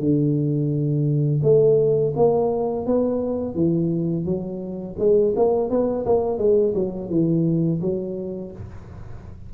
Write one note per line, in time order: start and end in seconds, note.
0.00 1.41 D3
1.43 2.14 A3
2.16 2.86 A#3
2.86 3.55 B3
3.55 4.25 E3
4.25 4.96 F#3
4.99 5.34 G#3
5.36 5.70 A#3
5.70 6.06 B3
6.06 6.39 A#3
6.39 6.74 G#3
6.75 7.10 F#3
7.10 7.80 E3
7.81 8.52 F#3